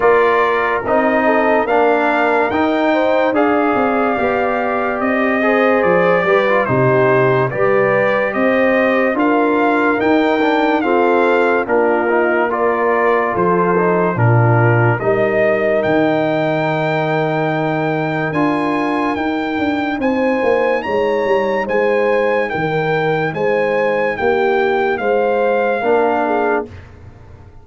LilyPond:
<<
  \new Staff \with { instrumentName = "trumpet" } { \time 4/4 \tempo 4 = 72 d''4 dis''4 f''4 g''4 | f''2 dis''4 d''4 | c''4 d''4 dis''4 f''4 | g''4 f''4 ais'4 d''4 |
c''4 ais'4 dis''4 g''4~ | g''2 gis''4 g''4 | gis''4 ais''4 gis''4 g''4 | gis''4 g''4 f''2 | }
  \new Staff \with { instrumentName = "horn" } { \time 4/4 ais'4. a'8 ais'4. c''8 | d''2~ d''8 c''4 b'8 | g'4 b'4 c''4 ais'4~ | ais'4 a'4 f'4 ais'4 |
a'4 f'4 ais'2~ | ais'1 | c''4 cis''4 c''4 ais'4 | c''4 g'4 c''4 ais'8 gis'8 | }
  \new Staff \with { instrumentName = "trombone" } { \time 4/4 f'4 dis'4 d'4 dis'4 | gis'4 g'4. gis'4 g'16 f'16 | dis'4 g'2 f'4 | dis'8 d'8 c'4 d'8 dis'8 f'4~ |
f'8 dis'8 d'4 dis'2~ | dis'2 f'4 dis'4~ | dis'1~ | dis'2. d'4 | }
  \new Staff \with { instrumentName = "tuba" } { \time 4/4 ais4 c'4 ais4 dis'4 | d'8 c'8 b4 c'4 f8 g8 | c4 g4 c'4 d'4 | dis'4 f'4 ais2 |
f4 ais,4 g4 dis4~ | dis2 d'4 dis'8 d'8 | c'8 ais8 gis8 g8 gis4 dis4 | gis4 ais4 gis4 ais4 | }
>>